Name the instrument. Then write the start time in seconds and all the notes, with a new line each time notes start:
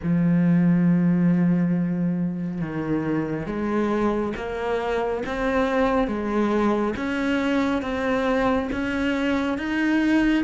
cello
0.03 F3
2.60 D#3
3.46 G#3
4.36 A#3
5.26 C4
6.07 G#3
6.96 C#4
7.82 C4
8.72 C#4
9.58 D#4